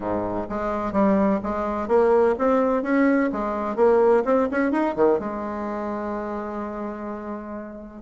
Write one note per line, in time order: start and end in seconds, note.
0.00 0.47 G#2
0.49 0.92 G#3
0.92 1.39 G3
1.43 1.88 G#3
1.88 2.35 A#3
2.38 2.82 C4
2.82 3.30 C#4
3.32 3.76 G#3
3.76 4.23 A#3
4.25 4.48 C4
4.51 4.71 C#4
4.71 4.95 D#4
4.96 5.19 D#3
5.19 8.02 G#3